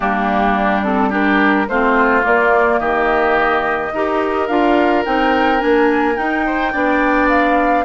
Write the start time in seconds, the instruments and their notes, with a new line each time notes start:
0.00 bassoon G3, clarinet A#3, oboe D4, flute G4
0.83 clarinet C4, flute A4
1.09 clarinet D4, oboe G4, flute A#4
1.68 bassoon A3, clarinet C4, oboe F4, flute C5
2.22 clarinet A#3, bassoon A#3, flute D5
2.79 bassoon D#3, oboe G4, flute D#5
3.92 bassoon D#4, clarinet G4, oboe A#4
4.47 bassoon D4, clarinet F4, flute F5
5.05 bassoon C4, clarinet D#4, flute G5
5.58 bassoon A#3, clarinet D4, flute G#5
6.15 clarinet D#4, bassoon D#4, flute G5
6.46 oboe C5
6.72 bassoon B3, clarinet D4, oboe D5
7.28 flute F5